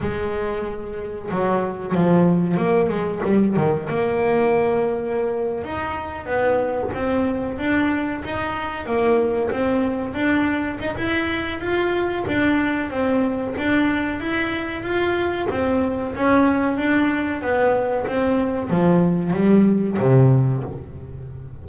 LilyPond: \new Staff \with { instrumentName = "double bass" } { \time 4/4 \tempo 4 = 93 gis2 fis4 f4 | ais8 gis8 g8 dis8 ais2~ | ais8. dis'4 b4 c'4 d'16~ | d'8. dis'4 ais4 c'4 d'16~ |
d'8. dis'16 e'4 f'4 d'4 | c'4 d'4 e'4 f'4 | c'4 cis'4 d'4 b4 | c'4 f4 g4 c4 | }